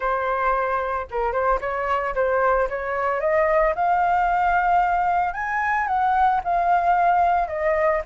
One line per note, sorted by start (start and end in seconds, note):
0.00 1.06 C5
1.11 1.32 A#4
1.32 1.59 C5
1.60 2.14 C#5
2.14 2.68 C5
2.69 3.20 C#5
3.20 3.74 D#5
3.75 5.33 F5
5.33 5.87 G#5
5.87 6.40 F#5
6.43 7.48 F5
7.48 8.01 D#5